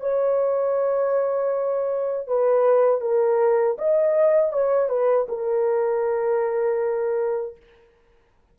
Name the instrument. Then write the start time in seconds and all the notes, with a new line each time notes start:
horn
0.00 C#5
2.27 B4
3.01 A#4
3.78 D#5
4.52 C#5
4.89 B4
5.28 A#4